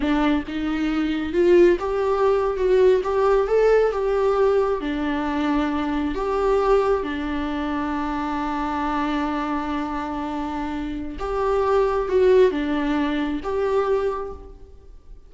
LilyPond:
\new Staff \with { instrumentName = "viola" } { \time 4/4 \tempo 4 = 134 d'4 dis'2 f'4 | g'4.~ g'16 fis'4 g'4 a'16~ | a'8. g'2 d'4~ d'16~ | d'4.~ d'16 g'2 d'16~ |
d'1~ | d'1~ | d'4 g'2 fis'4 | d'2 g'2 | }